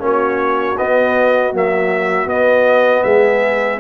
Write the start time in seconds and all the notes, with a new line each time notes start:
0.00 A#3 C#4 F#4 C#5
0.77 B3 D#5
1.54 F#3 A#3 E5
2.26 B3 D#5
3.04 G#3 G#4 E5